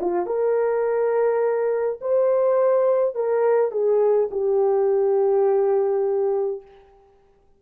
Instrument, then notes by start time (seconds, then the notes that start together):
horn
0.00 F4
0.26 A#4
2.01 C5
3.15 A#4
3.71 G#4
4.31 G4